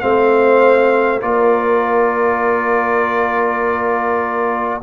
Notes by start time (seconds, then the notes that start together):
0.00 A3 C4 C5 F5
1.20 A#3 F4 A#4 D5